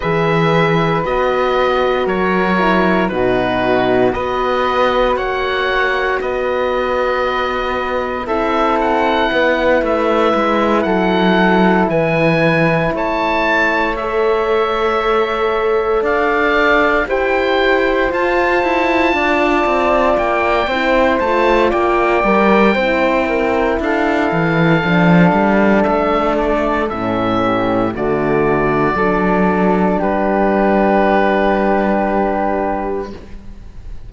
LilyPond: <<
  \new Staff \with { instrumentName = "oboe" } { \time 4/4 \tempo 4 = 58 e''4 dis''4 cis''4 b'4 | dis''4 fis''4 dis''2 | e''8 fis''4 e''4 fis''4 gis''8~ | gis''8 a''4 e''2 f''8~ |
f''8 g''4 a''2 g''8~ | g''8 a''8 g''2 f''4~ | f''4 e''8 d''8 e''4 d''4~ | d''4 b'2. | }
  \new Staff \with { instrumentName = "flute" } { \time 4/4 b'2 ais'4 fis'4 | b'4 cis''4 b'2 | a'4 b'4. a'4 b'8~ | b'8 cis''2. d''8~ |
d''8 c''2 d''4. | c''4 d''4 c''8 ais'8 a'4~ | a'2~ a'8 g'8 fis'4 | a'4 g'2. | }
  \new Staff \with { instrumentName = "horn" } { \time 4/4 gis'4 fis'4. e'8 dis'4 | fis'1 | e'1~ | e'4. a'2~ a'8~ |
a'8 g'4 f'2~ f'8 | e'8 f'4 ais'8 e'2 | d'2 cis'4 a4 | d'1 | }
  \new Staff \with { instrumentName = "cello" } { \time 4/4 e4 b4 fis4 b,4 | b4 ais4 b2 | c'4 b8 a8 gis8 fis4 e8~ | e8 a2. d'8~ |
d'8 e'4 f'8 e'8 d'8 c'8 ais8 | c'8 a8 ais8 g8 c'4 d'8 e8 | f8 g8 a4 a,4 d4 | fis4 g2. | }
>>